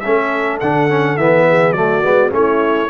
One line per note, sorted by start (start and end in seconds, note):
0.00 0.61 A3
0.00 0.62 C#4
0.00 1.48 A4
0.00 0.57 E5
0.60 1.17 D3
0.60 0.89 D4
0.60 1.17 F#5
0.89 1.18 C#4
1.17 1.72 E3
1.17 1.75 B3
1.17 1.72 E5
1.48 1.77 G#4
1.72 2.00 F#3
1.72 2.02 A3
1.72 2.34 F#4
1.72 2.29 D5
2.02 2.31 G#3
2.02 2.30 B3
2.30 2.89 A3
2.30 2.87 C#4
2.30 2.89 E4
2.30 2.89 C#5